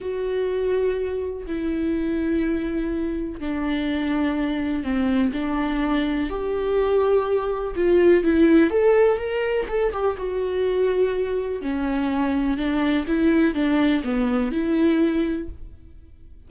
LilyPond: \new Staff \with { instrumentName = "viola" } { \time 4/4 \tempo 4 = 124 fis'2. e'4~ | e'2. d'4~ | d'2 c'4 d'4~ | d'4 g'2. |
f'4 e'4 a'4 ais'4 | a'8 g'8 fis'2. | cis'2 d'4 e'4 | d'4 b4 e'2 | }